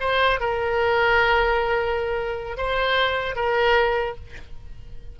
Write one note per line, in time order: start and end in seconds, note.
0.00 0.40 C5
0.40 2.57 A#4
2.57 3.36 C5
3.36 4.16 A#4